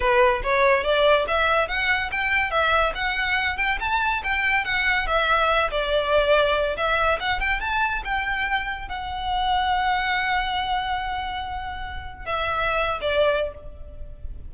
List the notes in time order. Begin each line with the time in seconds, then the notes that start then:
0.00 B4
0.43 C#5
0.83 D5
1.27 E5
1.68 F#5
2.11 G5
2.50 E5
2.94 F#5
3.57 G5
3.80 A5
4.23 G5
4.64 F#5
5.06 E5
5.70 D5
6.76 E5
7.19 F#5
7.39 G5
7.60 A5
8.04 G5
8.88 F#5
12.25 E5
13.01 D5